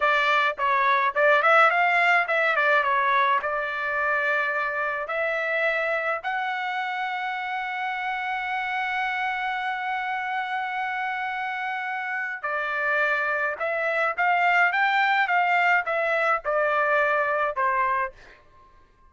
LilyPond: \new Staff \with { instrumentName = "trumpet" } { \time 4/4 \tempo 4 = 106 d''4 cis''4 d''8 e''8 f''4 | e''8 d''8 cis''4 d''2~ | d''4 e''2 fis''4~ | fis''1~ |
fis''1~ | fis''2 d''2 | e''4 f''4 g''4 f''4 | e''4 d''2 c''4 | }